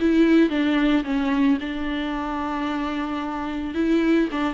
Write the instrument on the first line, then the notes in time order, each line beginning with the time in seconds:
viola
0.00 E4
0.50 D4
1.04 C#4
1.61 D4
3.75 E4
4.32 D4